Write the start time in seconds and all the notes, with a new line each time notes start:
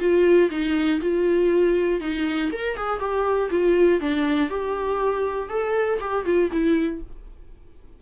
0.00 F4
0.51 D#4
1.01 F4
2.01 D#4
2.53 A#4
2.77 G#4
3.00 G4
3.51 F4
4.01 D4
4.50 G4
5.50 A4
6.01 G4
6.26 F4
6.52 E4